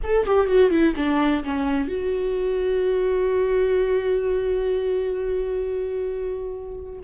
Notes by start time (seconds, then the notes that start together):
0.03 A4
0.26 G4
0.46 F#4
0.70 E4
0.95 D4
1.44 C#4
1.87 F#4